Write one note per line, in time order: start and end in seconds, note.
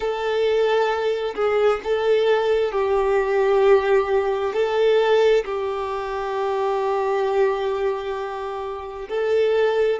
0.00 1.34 A4
1.35 1.80 G#4
1.83 2.72 A4
2.72 4.53 G4
4.53 5.44 A4
5.45 9.08 G4
9.09 10.00 A4